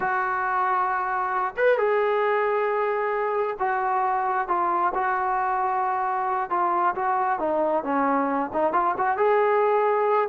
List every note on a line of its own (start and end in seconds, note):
0.00 1.54 F#4
1.56 1.77 B4
1.77 3.57 G#4
3.59 4.48 F#4
4.48 4.92 F4
4.94 6.49 F#4
6.49 6.94 F4
6.95 7.39 F#4
7.39 7.83 D#4
7.83 8.50 C#4
8.53 8.72 D#4
8.72 8.95 F4
8.97 9.17 F#4
9.17 10.29 G#4